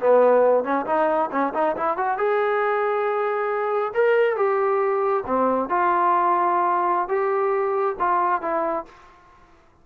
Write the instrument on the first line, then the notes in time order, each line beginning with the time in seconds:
trombone
0.00 B3
0.64 C#4
0.86 D#4
1.32 C#4
1.54 D#4
1.76 E4
1.97 F#4
2.18 G#4
3.94 A#4
4.37 G4
5.26 C4
5.69 F4
7.08 G4
7.99 F4
8.41 E4